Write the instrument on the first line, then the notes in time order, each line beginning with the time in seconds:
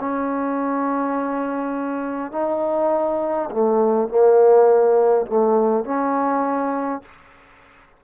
trombone
0.00 C#4
2.32 D#4
3.51 A3
4.09 A#3
5.27 A3
5.84 C#4